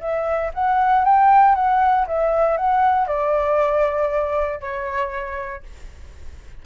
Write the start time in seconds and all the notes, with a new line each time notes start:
0.00 E5
0.54 F#5
1.04 G5
1.55 F#5
2.07 E5
2.57 F#5
3.07 D5
4.60 C#5